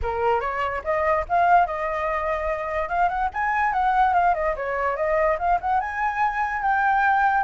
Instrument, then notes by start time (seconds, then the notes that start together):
flute
0.02 A#4
0.40 C#5
0.84 D#5
1.28 F5
1.66 D#5
2.89 F5
3.08 F#5
3.33 G#5
3.72 F#5
4.13 F5
4.34 D#5
4.56 C#5
4.96 D#5
5.38 F5
5.61 F#5
5.80 G#5
6.62 G5